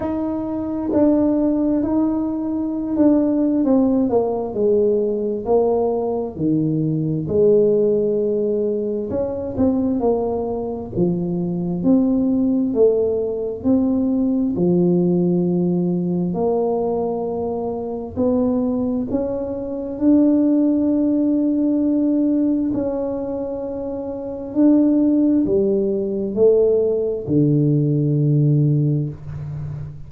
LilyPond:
\new Staff \with { instrumentName = "tuba" } { \time 4/4 \tempo 4 = 66 dis'4 d'4 dis'4~ dis'16 d'8. | c'8 ais8 gis4 ais4 dis4 | gis2 cis'8 c'8 ais4 | f4 c'4 a4 c'4 |
f2 ais2 | b4 cis'4 d'2~ | d'4 cis'2 d'4 | g4 a4 d2 | }